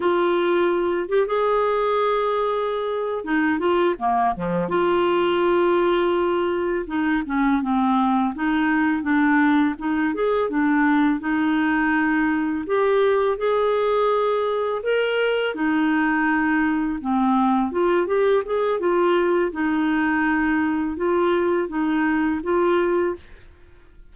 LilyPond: \new Staff \with { instrumentName = "clarinet" } { \time 4/4 \tempo 4 = 83 f'4. g'16 gis'2~ gis'16~ | gis'8 dis'8 f'8 ais8 f8 f'4.~ | f'4. dis'8 cis'8 c'4 dis'8~ | dis'8 d'4 dis'8 gis'8 d'4 dis'8~ |
dis'4. g'4 gis'4.~ | gis'8 ais'4 dis'2 c'8~ | c'8 f'8 g'8 gis'8 f'4 dis'4~ | dis'4 f'4 dis'4 f'4 | }